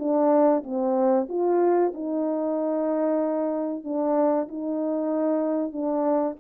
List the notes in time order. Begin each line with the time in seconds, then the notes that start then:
0.00 D4
0.64 C4
1.29 F4
1.95 D#4
3.85 D4
4.49 D#4
5.73 D4